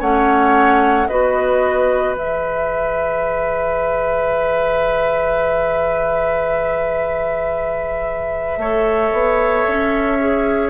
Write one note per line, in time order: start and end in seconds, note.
0.00 1.08 A3
0.00 1.08 C#4
0.00 1.07 C#5
0.00 1.07 F#5
1.07 2.16 B3
1.07 2.15 F#4
1.07 8.58 B4
1.07 2.15 D#5
2.15 8.57 E3
2.15 8.58 G#4
2.15 10.70 E5
8.57 9.11 A3
8.57 10.19 A4
8.57 10.70 C#5
9.12 9.66 B3
9.67 10.70 C#4
10.19 10.70 G#4